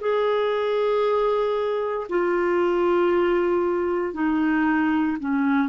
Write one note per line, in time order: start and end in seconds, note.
0.00 2.07 G#4
2.09 4.13 F4
4.13 5.17 D#4
5.19 5.68 C#4